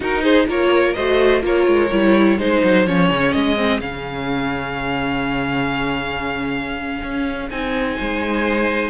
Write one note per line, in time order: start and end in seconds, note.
0.00 0.47 D#4
0.00 0.22 F#4
0.00 0.22 A#4
0.22 0.46 G#4
0.22 0.46 C5
0.47 0.95 A#3
0.47 0.95 F4
0.47 0.95 A#4
0.47 0.93 C#5
0.93 1.43 A3
0.93 1.41 F#4
0.93 1.43 C5
0.93 1.41 D#5
1.41 1.66 A#3
1.41 1.88 F4
1.41 2.37 A#4
1.41 2.39 C#5
1.67 1.90 G#3
1.92 2.38 G3
1.92 2.38 E4
2.37 2.62 G#3
2.37 2.86 D#4
2.37 7.96 G#4
2.37 2.86 C5
2.63 2.87 F#3
2.86 3.10 F3
2.86 3.56 C#4
2.86 3.32 C#5
3.10 3.34 C#3
3.32 3.79 G#3
3.32 3.79 D#5
3.56 3.80 C4
3.79 7.01 C#3
3.79 7.50 C#4
3.79 7.49 F5
7.02 7.50 C#4
7.50 7.98 C4
7.50 8.89 D#4
7.50 8.89 G#5
7.96 8.89 G#3
7.96 8.89 C5